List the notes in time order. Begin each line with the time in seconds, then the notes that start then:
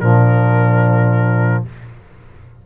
0.00 A#2 F3 D4 A#4